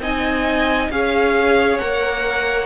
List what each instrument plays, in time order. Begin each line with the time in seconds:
0.00 cello C4, viola D#4, violin D#5 G#5
0.90 cello C#4, viola G#4, violin C#5 F5
1.78 cello A#3, viola A#4, violin F#5